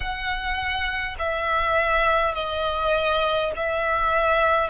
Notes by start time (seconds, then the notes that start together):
0.00 F#5
1.18 E5
2.34 D#5
3.56 E5